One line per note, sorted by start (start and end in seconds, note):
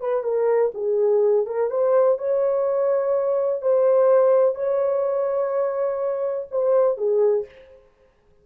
0.00 0.24 B4
0.24 0.72 A#4
0.74 1.46 G#4
1.46 1.70 A#4
1.70 2.18 C5
2.18 3.62 C#5
3.62 4.55 C5
4.55 6.47 C#5
6.51 6.97 C5
6.97 7.45 G#4